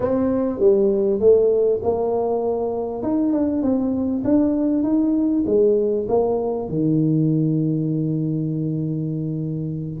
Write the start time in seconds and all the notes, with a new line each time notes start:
0.00 C4
0.59 G3
1.20 A3
1.82 A#3
3.02 D#4
3.33 D4
3.62 C4
4.24 D4
4.83 D#4
5.46 G#3
6.08 A#3
6.69 D#3